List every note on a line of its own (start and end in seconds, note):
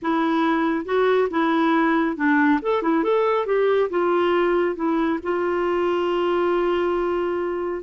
0.01 0.85 E4
0.85 1.28 F#4
1.30 2.16 E4
2.16 2.59 D4
2.62 2.82 A4
2.82 3.03 E4
3.03 3.46 A4
3.46 3.89 G4
3.90 4.75 F4
4.75 5.19 E4
5.22 7.83 F4